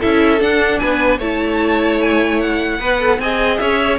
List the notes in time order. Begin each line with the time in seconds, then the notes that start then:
0.00 C#4 E4 A4 E5
0.39 D4 F#5
0.79 B3 B4 G#5
1.19 A3 E4 C#5 A5
2.01 G#5
2.41 F#5
2.79 B3 B4
3.00 A4
3.19 C4 G#4 D#5 G#5
3.58 C#4 C#5 E5